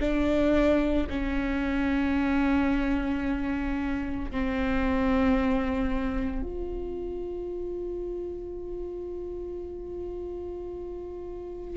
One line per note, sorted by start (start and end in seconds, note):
0.00 1.07 D4
1.10 4.31 C#4
4.31 6.42 C4
6.42 11.77 F4